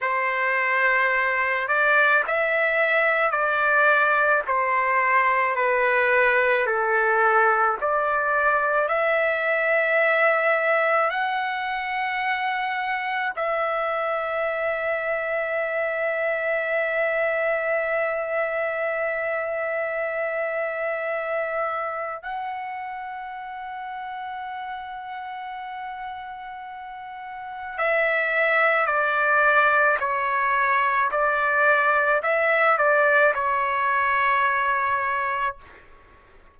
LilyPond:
\new Staff \with { instrumentName = "trumpet" } { \time 4/4 \tempo 4 = 54 c''4. d''8 e''4 d''4 | c''4 b'4 a'4 d''4 | e''2 fis''2 | e''1~ |
e''1 | fis''1~ | fis''4 e''4 d''4 cis''4 | d''4 e''8 d''8 cis''2 | }